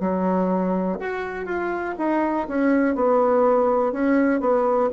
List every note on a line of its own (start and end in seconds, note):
0.00 0.98 F#3
1.00 1.46 F#4
1.46 1.95 F4
1.98 2.47 D#4
2.48 2.95 C#4
2.95 3.93 B3
3.93 4.40 C#4
4.40 4.90 B3